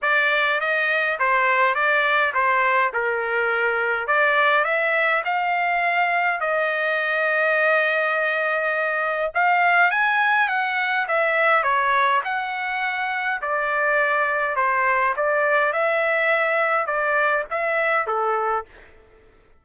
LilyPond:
\new Staff \with { instrumentName = "trumpet" } { \time 4/4 \tempo 4 = 103 d''4 dis''4 c''4 d''4 | c''4 ais'2 d''4 | e''4 f''2 dis''4~ | dis''1 |
f''4 gis''4 fis''4 e''4 | cis''4 fis''2 d''4~ | d''4 c''4 d''4 e''4~ | e''4 d''4 e''4 a'4 | }